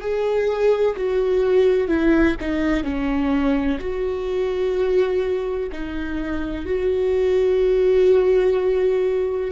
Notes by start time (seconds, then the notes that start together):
0.00 G#4
0.96 F#4
1.87 E4
2.40 D#4
2.83 C#4
3.79 F#4
5.71 D#4
6.65 F#4